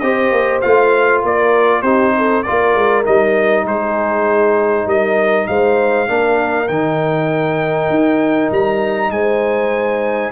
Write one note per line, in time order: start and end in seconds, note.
0.00 0.32 C4
0.00 0.63 G4
0.00 1.25 C5
0.00 0.61 D#5
0.32 0.62 A#3
0.62 1.23 A3
0.62 1.84 F4
0.62 1.22 F5
1.23 1.83 A#3
1.23 1.83 A#4
1.23 1.83 D5
1.83 2.43 C4
1.83 2.45 D#4
1.83 2.13 G4
1.83 2.43 C5
2.18 2.46 A4
2.43 3.05 F4
2.43 3.65 A#4
2.43 3.04 D5
2.50 2.75 A#3
2.75 3.06 G#3
3.05 3.65 G3
3.05 6.08 D#4
3.05 3.67 D#5
3.65 4.86 G#3
3.65 4.86 G#4
3.65 4.89 C5
4.86 5.47 G3
4.86 5.47 A#4
4.86 5.47 D#5
5.47 6.09 G#3
5.47 6.10 C5
5.47 6.68 F5
6.08 6.70 A#3
6.08 6.69 D4
6.08 9.14 A#4
6.68 7.90 D#3
6.68 10.33 D#4
6.68 8.50 G5
7.90 8.51 D#4
8.51 9.11 G3
8.51 9.11 A#5
9.11 10.32 G#3
9.11 10.33 C5
9.11 10.33 G#5